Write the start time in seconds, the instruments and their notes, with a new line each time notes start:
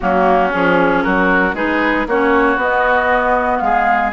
0.00 bassoon F#3, clarinet A#3, oboe C#4, flute F#4
0.49 bassoon F3, clarinet C#4, flute G#4
1.03 bassoon F#3, oboe F#4, flute A#4
1.53 bassoon G#3, clarinet D#4, oboe G#4, flute B4
2.07 bassoon A#3, clarinet C#4, oboe F#4, flute C#5
2.56 bassoon B3, clarinet B3, flute D#5
3.58 bassoon G#3, oboe G#4, flute F5